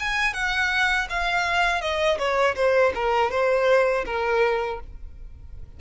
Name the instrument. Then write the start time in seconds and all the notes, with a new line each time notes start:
violin
0.00 G#5
0.34 F#5
1.10 F5
1.81 D#5
2.19 C#5
2.56 C5
2.95 A#4
3.31 C5
4.06 A#4